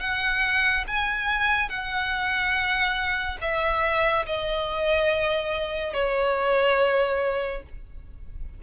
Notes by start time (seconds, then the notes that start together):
0.00 F#5
0.87 G#5
1.69 F#5
3.41 E5
4.26 D#5
5.93 C#5